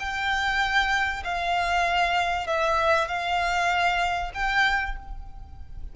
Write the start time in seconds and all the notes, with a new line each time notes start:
0.00 G5
1.25 F5
2.47 E5
3.08 F5
4.35 G5